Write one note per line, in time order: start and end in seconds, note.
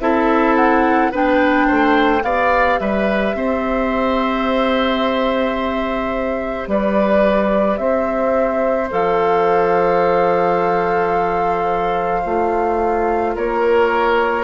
0.00 1.11 C4
0.00 1.12 E4
0.00 1.12 A4
0.00 0.56 E5
0.56 1.12 F#5
1.12 1.69 B3
1.12 2.20 D4
1.12 1.67 B4
1.12 2.24 G5
1.67 2.23 A3
1.67 2.23 C5
2.20 2.79 B3
2.20 8.87 G4
2.20 2.80 D5
2.20 2.79 F5
2.79 3.34 G3
2.79 3.36 B4
2.79 6.68 E5
3.34 6.68 C4
3.34 6.70 C5
6.68 7.78 G3
6.68 7.80 B4
6.68 7.78 D5
7.78 8.90 C4
7.78 13.35 C5
7.78 8.89 E5
8.91 12.25 F3
8.91 12.23 A4
8.91 13.37 F5
12.23 13.36 A3
12.23 14.44 F4
13.35 14.44 A#3
13.35 14.44 A#4
13.35 14.44 C#5